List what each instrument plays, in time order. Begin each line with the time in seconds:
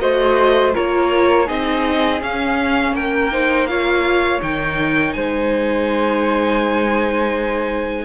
0.00 cello A3, viola F#4, flute C5, violin D#5
0.75 cello A#3, viola F4, flute A#4, violin C#5
1.46 cello C4, viola D#4, flute G#4, violin D#5
2.22 cello C#4, viola C#4, violin F5
2.93 cello A#3, flute A#4, violin G5
3.32 viola D#4, flute C5
3.68 viola F4, flute C#5, violin F5
4.41 cello D#3, viola D#4, violin G5
5.14 cello G#3, flute C5, violin G#5